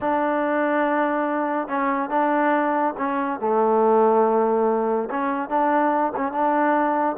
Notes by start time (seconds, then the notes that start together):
0.01 D4
1.67 C#4
2.09 D4
2.97 C#4
3.40 A3
5.10 C#4
5.49 D4
6.16 C#4
6.31 D4